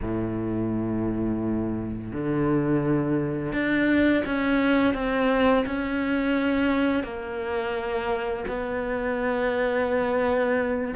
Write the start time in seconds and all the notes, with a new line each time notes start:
0.01 A2
2.12 D3
3.52 D4
4.25 C#4
4.94 C4
5.65 C#4
7.03 A#3
8.47 B3